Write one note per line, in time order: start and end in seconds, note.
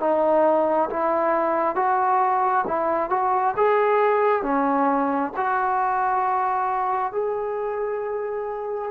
0.00 0.90 D#4
0.90 1.75 E4
1.75 2.65 F#4
2.67 3.10 E4
3.10 3.55 F#4
3.57 4.42 G#4
4.42 5.32 C#4
5.36 7.12 F#4
7.12 8.91 G#4